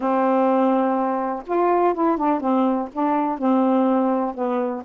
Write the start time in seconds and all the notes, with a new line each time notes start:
0.00 C4
1.46 F4
1.94 E4
2.17 D4
2.40 C4
2.92 D4
3.38 C4
4.34 B3